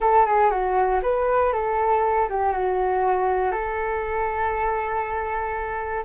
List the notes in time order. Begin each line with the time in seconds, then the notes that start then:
0.00 A4
0.25 G#4
0.50 F#4
1.02 B4
1.52 A4
2.29 G4
2.52 F#4
3.51 A4